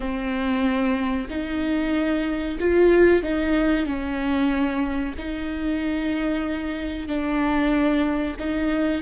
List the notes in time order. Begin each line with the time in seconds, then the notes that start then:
0.00 C4
1.29 D#4
2.59 F4
3.23 D#4
3.85 C#4
5.18 D#4
7.07 D4
8.39 D#4